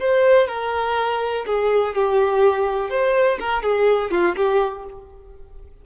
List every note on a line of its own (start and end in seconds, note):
0.00 0.48 C5
0.48 1.45 A#4
1.46 1.95 G#4
1.95 2.90 G4
2.90 3.39 C5
3.40 3.63 A#4
3.63 4.11 G#4
4.11 4.36 F4
4.36 4.85 G4